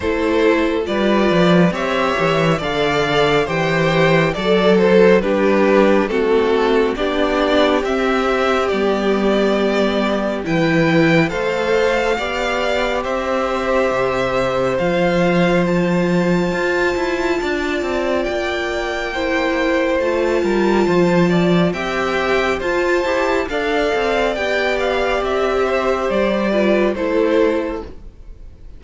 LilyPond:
<<
  \new Staff \with { instrumentName = "violin" } { \time 4/4 \tempo 4 = 69 c''4 d''4 e''4 f''4 | g''4 d''8 c''8 b'4 a'4 | d''4 e''4 d''2 | g''4 f''2 e''4~ |
e''4 f''4 a''2~ | a''4 g''2 a''4~ | a''4 g''4 a''4 f''4 | g''8 f''8 e''4 d''4 c''4 | }
  \new Staff \with { instrumentName = "violin" } { \time 4/4 a'4 b'4 cis''4 d''4 | c''4 a'4 g'4 fis'4 | g'1 | b'4 c''4 d''4 c''4~ |
c''1 | d''2 c''4. ais'8 | c''8 d''8 e''4 c''4 d''4~ | d''4. c''4 b'8 a'4 | }
  \new Staff \with { instrumentName = "viola" } { \time 4/4 e'4 f'4 g'4 a'4 | g'4 a'4 d'4 c'4 | d'4 c'4 b2 | e'4 a'4 g'2~ |
g'4 f'2.~ | f'2 e'4 f'4~ | f'4 g'4 f'8 g'8 a'4 | g'2~ g'8 f'8 e'4 | }
  \new Staff \with { instrumentName = "cello" } { \time 4/4 a4 g8 f8 c'8 e8 d4 | e4 fis4 g4 a4 | b4 c'4 g2 | e4 a4 b4 c'4 |
c4 f2 f'8 e'8 | d'8 c'8 ais2 a8 g8 | f4 c'4 f'8 e'8 d'8 c'8 | b4 c'4 g4 a4 | }
>>